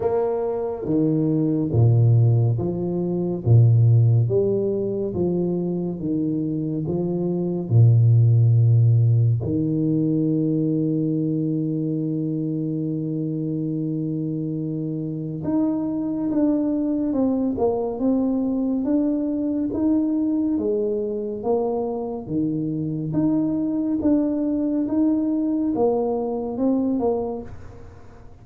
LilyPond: \new Staff \with { instrumentName = "tuba" } { \time 4/4 \tempo 4 = 70 ais4 dis4 ais,4 f4 | ais,4 g4 f4 dis4 | f4 ais,2 dis4~ | dis1~ |
dis2 dis'4 d'4 | c'8 ais8 c'4 d'4 dis'4 | gis4 ais4 dis4 dis'4 | d'4 dis'4 ais4 c'8 ais8 | }